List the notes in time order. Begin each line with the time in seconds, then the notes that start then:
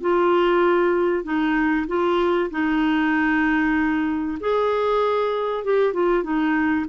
0.00 F4
1.24 D#4
1.87 F4
2.50 D#4
4.40 G#4
5.64 G4
5.93 F4
6.23 D#4